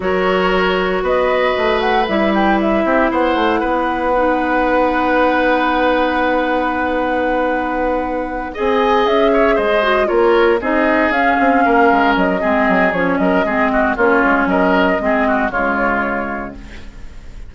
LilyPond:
<<
  \new Staff \with { instrumentName = "flute" } { \time 4/4 \tempo 4 = 116 cis''2 dis''4. fis''8 | e''8 g''8 e''4 fis''2~ | fis''1~ | fis''1~ |
fis''8 gis''4 e''4 dis''4 cis''8~ | cis''8 dis''4 f''2 dis''8~ | dis''4 cis''8 dis''4. cis''4 | dis''2 cis''2 | }
  \new Staff \with { instrumentName = "oboe" } { \time 4/4 ais'2 b'2~ | b'4. g'8 c''4 b'4~ | b'1~ | b'1~ |
b'8 dis''4. cis''8 c''4 ais'8~ | ais'8 gis'2 ais'4. | gis'4. ais'8 gis'8 fis'8 f'4 | ais'4 gis'8 fis'8 f'2 | }
  \new Staff \with { instrumentName = "clarinet" } { \time 4/4 fis'1 | e'1 | dis'1~ | dis'1~ |
dis'8 gis'2~ gis'8 fis'8 f'8~ | f'8 dis'4 cis'2~ cis'8 | c'4 cis'4 c'4 cis'4~ | cis'4 c'4 gis2 | }
  \new Staff \with { instrumentName = "bassoon" } { \time 4/4 fis2 b4 a4 | g4. c'8 b8 a8 b4~ | b1~ | b1~ |
b8 c'4 cis'4 gis4 ais8~ | ais8 c'4 cis'8 c'8 ais8 gis8 fis8 | gis8 fis8 f8 fis8 gis4 ais8 gis8 | fis4 gis4 cis2 | }
>>